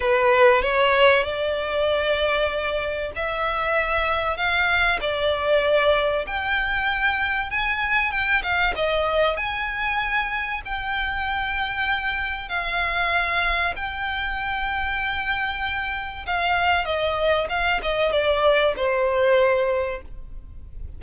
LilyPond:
\new Staff \with { instrumentName = "violin" } { \time 4/4 \tempo 4 = 96 b'4 cis''4 d''2~ | d''4 e''2 f''4 | d''2 g''2 | gis''4 g''8 f''8 dis''4 gis''4~ |
gis''4 g''2. | f''2 g''2~ | g''2 f''4 dis''4 | f''8 dis''8 d''4 c''2 | }